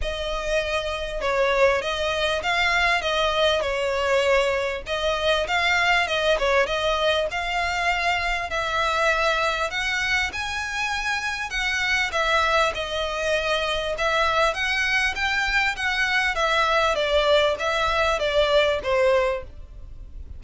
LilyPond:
\new Staff \with { instrumentName = "violin" } { \time 4/4 \tempo 4 = 99 dis''2 cis''4 dis''4 | f''4 dis''4 cis''2 | dis''4 f''4 dis''8 cis''8 dis''4 | f''2 e''2 |
fis''4 gis''2 fis''4 | e''4 dis''2 e''4 | fis''4 g''4 fis''4 e''4 | d''4 e''4 d''4 c''4 | }